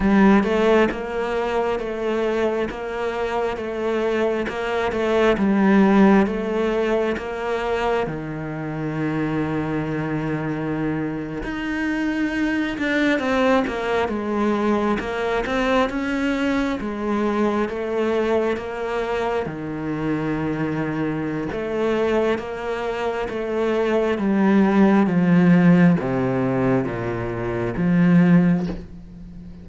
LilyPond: \new Staff \with { instrumentName = "cello" } { \time 4/4 \tempo 4 = 67 g8 a8 ais4 a4 ais4 | a4 ais8 a8 g4 a4 | ais4 dis2.~ | dis8. dis'4. d'8 c'8 ais8 gis16~ |
gis8. ais8 c'8 cis'4 gis4 a16~ | a8. ais4 dis2~ dis16 | a4 ais4 a4 g4 | f4 c4 ais,4 f4 | }